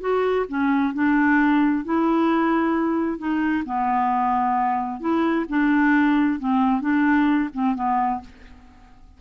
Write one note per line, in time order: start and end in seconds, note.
0.00 0.45 F#4
0.48 0.94 C#4
0.94 1.85 D4
1.85 3.18 E4
3.18 3.64 D#4
3.65 5.00 B3
5.00 5.45 E4
5.49 6.39 D4
6.39 6.81 C4
6.81 7.49 D4
7.53 7.75 C4
7.75 8.20 B3